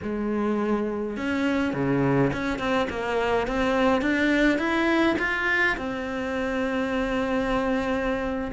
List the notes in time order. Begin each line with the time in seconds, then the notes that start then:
0.02 G#3
1.16 C#4
1.73 C#3
2.32 C#4
2.58 C4
2.89 A#3
3.47 C4
4.01 D4
4.58 E4
5.18 F4
5.77 C4